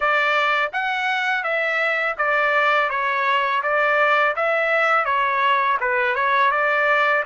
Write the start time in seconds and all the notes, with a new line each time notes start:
0.00 D5
0.73 F#5
1.43 E5
2.17 D5
2.89 C#5
3.62 D5
4.36 E5
5.05 C#5
5.80 B4
6.14 C#5
6.51 D5